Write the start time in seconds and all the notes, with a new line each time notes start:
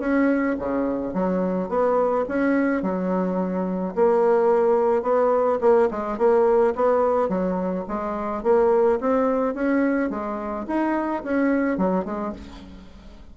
0.00 C#4
0.59 C#3
1.14 F#3
1.69 B3
2.28 C#4
2.82 F#3
3.95 A#3
5.03 B3
5.61 A#3
5.91 G#3
6.18 A#3
6.75 B3
7.29 F#3
7.88 G#3
8.43 A#3
9.01 C4
9.55 C#4
10.10 G#3
10.67 D#4
11.24 C#4
11.78 F#3
12.05 G#3